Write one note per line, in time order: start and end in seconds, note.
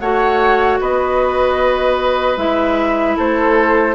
0.00 0.80 A3
0.00 2.38 F#4
0.00 0.80 C#5
0.00 0.79 F#5
0.81 2.37 B3
0.81 3.17 B4
0.81 2.38 D#5
2.37 3.16 G#3
2.37 3.95 E4
2.37 3.17 E5
3.17 3.95 A3
3.17 3.95 A4
3.17 3.95 C5